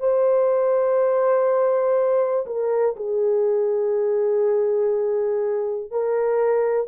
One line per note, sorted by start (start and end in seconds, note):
0.00 2.46 C5
2.47 2.96 A#4
2.96 5.91 G#4
5.91 6.88 A#4